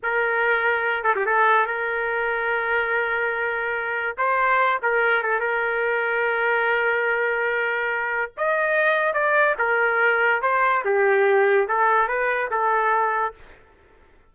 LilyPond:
\new Staff \with { instrumentName = "trumpet" } { \time 4/4 \tempo 4 = 144 ais'2~ ais'8 a'16 g'16 a'4 | ais'1~ | ais'2 c''4. ais'8~ | ais'8 a'8 ais'2.~ |
ais'1 | dis''2 d''4 ais'4~ | ais'4 c''4 g'2 | a'4 b'4 a'2 | }